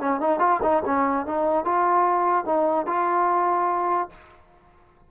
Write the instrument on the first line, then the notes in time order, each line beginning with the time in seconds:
trombone
0.00 C#4
0.20 D#4
0.39 F4
0.62 D#4
0.85 C#4
1.26 D#4
1.65 F4
2.45 D#4
2.86 F4